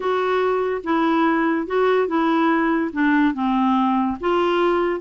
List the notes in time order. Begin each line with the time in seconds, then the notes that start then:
0.00 F#4
0.83 E4
1.67 F#4
2.07 E4
2.92 D4
3.34 C4
4.20 F4